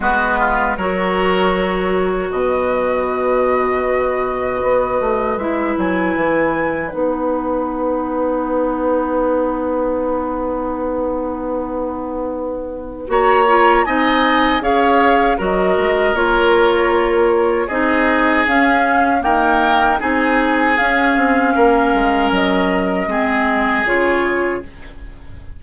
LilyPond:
<<
  \new Staff \with { instrumentName = "flute" } { \time 4/4 \tempo 4 = 78 b'4 cis''2 dis''4~ | dis''2. e''8 gis''8~ | gis''4 fis''2.~ | fis''1~ |
fis''4 ais''4 gis''4 f''4 | dis''4 cis''2 dis''4 | f''4 g''4 gis''4 f''4~ | f''4 dis''2 cis''4 | }
  \new Staff \with { instrumentName = "oboe" } { \time 4/4 fis'8 f'8 ais'2 b'4~ | b'1~ | b'1~ | b'1~ |
b'4 cis''4 dis''4 cis''4 | ais'2. gis'4~ | gis'4 ais'4 gis'2 | ais'2 gis'2 | }
  \new Staff \with { instrumentName = "clarinet" } { \time 4/4 b4 fis'2.~ | fis'2. e'4~ | e'4 dis'2.~ | dis'1~ |
dis'4 fis'8 f'8 dis'4 gis'4 | fis'4 f'2 dis'4 | cis'4 ais4 dis'4 cis'4~ | cis'2 c'4 f'4 | }
  \new Staff \with { instrumentName = "bassoon" } { \time 4/4 gis4 fis2 b,4~ | b,2 b8 a8 gis8 fis8 | e4 b2.~ | b1~ |
b4 ais4 c'4 cis'4 | fis8 gis8 ais2 c'4 | cis'4 dis'4 c'4 cis'8 c'8 | ais8 gis8 fis4 gis4 cis4 | }
>>